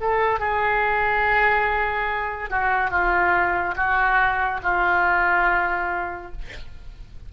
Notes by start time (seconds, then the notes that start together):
0.00 A4
0.39 G#4
2.50 F#4
2.90 F4
3.76 F#4
4.62 F4